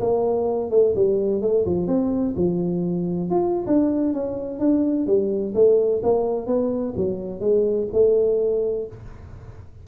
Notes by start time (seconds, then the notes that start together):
0.00 A#3
0.70 A3
0.95 G3
1.41 A3
1.66 F3
1.87 C4
2.36 F3
3.30 F4
3.66 D4
4.13 C#4
4.59 D4
5.06 G3
5.54 A3
6.03 A#3
6.46 B3
6.96 F#3
7.40 G#3
7.92 A3